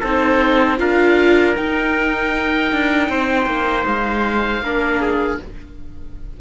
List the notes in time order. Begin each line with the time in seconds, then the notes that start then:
0.00 C4 D#4 A4 C5
0.78 D4 F4 A#4 F5
1.55 D#4 G5
2.72 D4
3.09 C4 C5
3.46 A#3
3.86 G#3 F5
4.61 A#3 D4 A#4
5.01 G#4